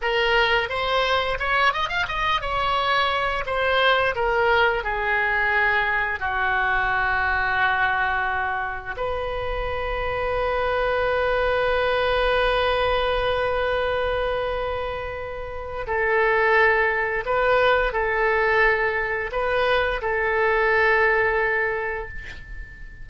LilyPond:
\new Staff \with { instrumentName = "oboe" } { \time 4/4 \tempo 4 = 87 ais'4 c''4 cis''8 dis''16 f''16 dis''8 cis''8~ | cis''4 c''4 ais'4 gis'4~ | gis'4 fis'2.~ | fis'4 b'2.~ |
b'1~ | b'2. a'4~ | a'4 b'4 a'2 | b'4 a'2. | }